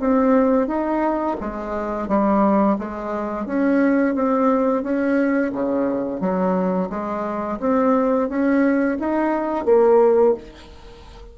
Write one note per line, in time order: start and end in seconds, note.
0.00 0.68 C4
0.68 1.37 D#4
1.41 2.08 G#3
2.08 2.77 G3
2.79 3.46 G#3
3.46 4.15 C#4
4.15 4.83 C4
4.83 5.52 C#4
5.53 6.21 C#3
6.21 6.90 F#3
6.90 7.59 G#3
7.60 8.29 C4
8.29 8.98 C#4
9.00 9.66 D#4
9.66 10.35 A#3